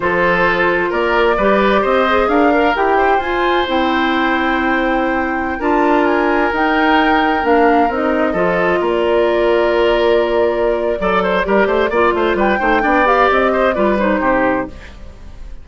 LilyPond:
<<
  \new Staff \with { instrumentName = "flute" } { \time 4/4 \tempo 4 = 131 c''2 d''2 | dis''4 f''4 g''4 gis''4 | g''1~ | g''16 a''4 gis''4 g''4.~ g''16~ |
g''16 f''4 dis''2 d''8.~ | d''1~ | d''2. g''4~ | g''8 f''8 dis''4 d''8 c''4. | }
  \new Staff \with { instrumentName = "oboe" } { \time 4/4 a'2 ais'4 b'4 | c''4 ais'4. c''4.~ | c''1~ | c''16 ais'2.~ ais'8.~ |
ais'2~ ais'16 a'4 ais'8.~ | ais'1 | d''8 c''8 ais'8 c''8 d''8 c''8 b'8 c''8 | d''4. c''8 b'4 g'4 | }
  \new Staff \with { instrumentName = "clarinet" } { \time 4/4 f'2. g'4~ | g'8 gis'4 ais'8 g'4 f'4 | e'1~ | e'16 f'2 dis'4.~ dis'16~ |
dis'16 d'4 dis'4 f'4.~ f'16~ | f'1 | a'4 g'4 f'4. dis'8 | d'8 g'4. f'8 dis'4. | }
  \new Staff \with { instrumentName = "bassoon" } { \time 4/4 f2 ais4 g4 | c'4 d'4 e'4 f'4 | c'1~ | c'16 d'2 dis'4.~ dis'16~ |
dis'16 ais4 c'4 f4 ais8.~ | ais1 | fis4 g8 a8 ais8 a8 g8 a8 | b4 c'4 g4 c4 | }
>>